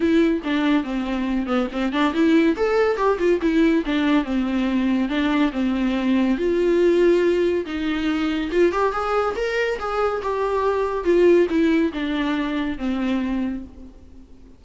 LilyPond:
\new Staff \with { instrumentName = "viola" } { \time 4/4 \tempo 4 = 141 e'4 d'4 c'4. b8 | c'8 d'8 e'4 a'4 g'8 f'8 | e'4 d'4 c'2 | d'4 c'2 f'4~ |
f'2 dis'2 | f'8 g'8 gis'4 ais'4 gis'4 | g'2 f'4 e'4 | d'2 c'2 | }